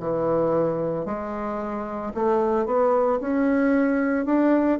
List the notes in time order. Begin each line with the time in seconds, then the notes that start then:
0.00 E3
1.06 G#3
2.14 A3
2.66 B3
3.21 C#4
4.26 D4